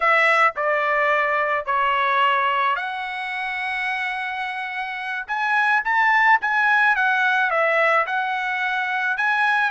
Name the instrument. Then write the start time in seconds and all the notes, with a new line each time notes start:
trumpet
0.00 E5
0.56 D5
1.65 C#5
2.76 F#5
5.27 G#5
5.84 A5
6.41 G#5
6.95 F#5
7.50 E5
8.06 F#5
9.17 G#5